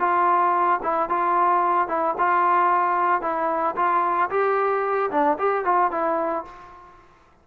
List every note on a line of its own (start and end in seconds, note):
0.00 0.80 F4
0.83 1.10 E4
1.10 1.88 F4
1.88 2.15 E4
2.18 3.22 F4
3.22 3.76 E4
3.76 4.30 F4
4.30 5.11 G4
5.11 5.38 D4
5.39 5.65 G4
5.65 5.92 F4
5.92 6.45 E4